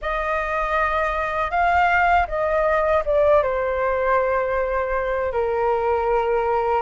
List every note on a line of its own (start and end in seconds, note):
0.01 1.51 D#5
1.51 2.26 F5
2.27 3.03 D#5
3.05 3.42 D5
3.42 5.32 C5
5.32 6.82 A#4